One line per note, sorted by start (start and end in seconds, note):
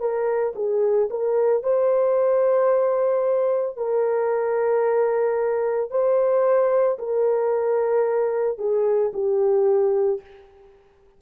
0.00 0.54 A#4
0.56 1.10 G#4
1.11 1.63 A#4
1.63 3.77 C5
3.77 5.91 A#4
5.91 6.98 C5
6.99 8.59 A#4
8.59 9.12 G#4
9.14 10.21 G4